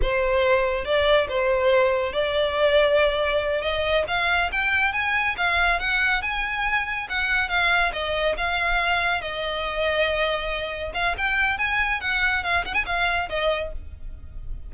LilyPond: \new Staff \with { instrumentName = "violin" } { \time 4/4 \tempo 4 = 140 c''2 d''4 c''4~ | c''4 d''2.~ | d''8 dis''4 f''4 g''4 gis''8~ | gis''8 f''4 fis''4 gis''4.~ |
gis''8 fis''4 f''4 dis''4 f''8~ | f''4. dis''2~ dis''8~ | dis''4. f''8 g''4 gis''4 | fis''4 f''8 fis''16 gis''16 f''4 dis''4 | }